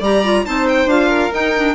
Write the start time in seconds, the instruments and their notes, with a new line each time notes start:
0.00 bassoon G3, clarinet G4, violin D5 A#5
0.24 clarinet F4
0.45 bassoon C4, clarinet D#4, violin C5 A5
0.69 violin G5
0.86 bassoon D4, clarinet F4, violin F5
1.09 violin A#4
1.32 clarinet D#4, bassoon D#4, violin G5
1.56 clarinet D4